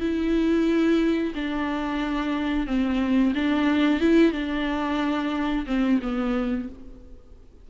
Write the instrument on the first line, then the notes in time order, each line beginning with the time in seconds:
viola
0.00 E4
1.35 D4
2.67 C4
3.35 D4
4.01 E4
4.32 D4
5.67 C4
6.02 B3